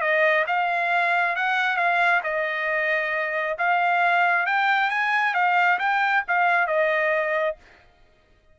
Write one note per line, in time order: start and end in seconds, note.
0.00 0.44 D#5
0.46 1.35 F5
1.35 1.76 F#5
1.76 2.20 F5
2.23 3.56 D#5
3.58 4.46 F5
4.46 4.90 G5
4.90 5.34 G#5
5.34 5.78 F5
5.78 6.23 G5
6.27 6.67 F5
6.67 7.56 D#5